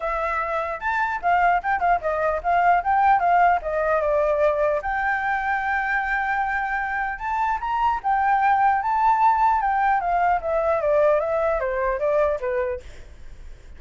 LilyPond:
\new Staff \with { instrumentName = "flute" } { \time 4/4 \tempo 4 = 150 e''2 a''4 f''4 | g''8 f''8 dis''4 f''4 g''4 | f''4 dis''4 d''2 | g''1~ |
g''2 a''4 ais''4 | g''2 a''2 | g''4 f''4 e''4 d''4 | e''4 c''4 d''4 b'4 | }